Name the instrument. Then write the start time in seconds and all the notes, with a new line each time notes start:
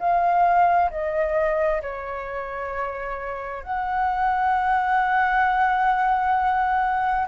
flute
0.00 F5
0.91 D#5
1.82 C#5
3.63 F#5